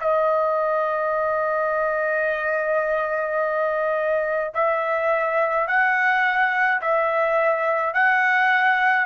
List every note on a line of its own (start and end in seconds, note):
0.00 4.53 D#5
4.54 5.67 E5
5.67 6.80 F#5
6.81 7.93 E5
7.93 9.06 F#5